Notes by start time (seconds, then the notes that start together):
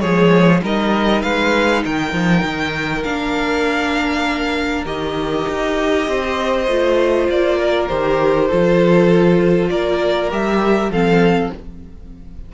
0.00 F3 G#3 G#4 C#5
0.62 G3 D#4 A#4 D#5
1.22 G#3 B4 F5
1.85 D#3 A#4 G5
2.12 F3
2.43 D#3
3.03 A#3 D4 F5
4.85 D#3 G4 D#5
5.48 D#4
6.07 C4 C5
6.67 A3 F4
7.29 A#3 D5
7.58 A#4
7.87 D#3 G4 C5
8.48 F3 F4 A4
9.69 A#3 A#4 D5
10.30 G3 G4 E5
10.89 F3 C4 A4 F5